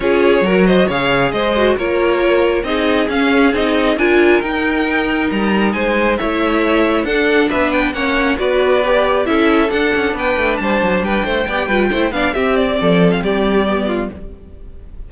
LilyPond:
<<
  \new Staff \with { instrumentName = "violin" } { \time 4/4 \tempo 4 = 136 cis''4. dis''8 f''4 dis''4 | cis''2 dis''4 f''4 | dis''4 gis''4 g''2 | ais''4 gis''4 e''2 |
fis''4 e''8 g''8 fis''4 d''4~ | d''4 e''4 fis''4 g''4 | a''4 g''2~ g''8 f''8 | e''8 d''4~ d''16 f''16 d''2 | }
  \new Staff \with { instrumentName = "violin" } { \time 4/4 gis'4 ais'8 c''8 cis''4 c''4 | ais'2 gis'2~ | gis'4 ais'2.~ | ais'4 c''4 cis''2 |
a'4 b'4 cis''4 b'4~ | b'4 a'2 b'4 | c''4 b'8 c''8 d''8 b'8 c''8 d''8 | g'4 a'4 g'4. f'8 | }
  \new Staff \with { instrumentName = "viola" } { \time 4/4 f'4 fis'4 gis'4. fis'8 | f'2 dis'4 cis'4 | dis'4 f'4 dis'2~ | dis'2 e'2 |
d'2 cis'4 fis'4 | g'4 e'4 d'2~ | d'2 g'8 f'8 e'8 d'8 | c'2. b4 | }
  \new Staff \with { instrumentName = "cello" } { \time 4/4 cis'4 fis4 cis4 gis4 | ais2 c'4 cis'4 | c'4 d'4 dis'2 | g4 gis4 a2 |
d'4 b4 ais4 b4~ | b4 cis'4 d'8 cis'8 b8 a8 | g8 fis8 g8 a8 b8 g8 a8 b8 | c'4 f4 g2 | }
>>